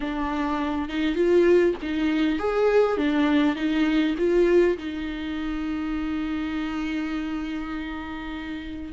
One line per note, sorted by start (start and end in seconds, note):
0.00 0.89 D4
0.89 1.15 D#4
1.15 1.74 F4
1.82 2.38 D#4
2.38 2.97 G#4
2.97 3.55 D4
3.55 4.15 D#4
4.17 4.77 F4
4.77 8.92 D#4